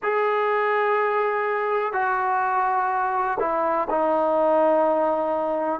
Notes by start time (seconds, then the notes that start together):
0.02 G#4
1.93 F#4
3.39 E4
3.89 D#4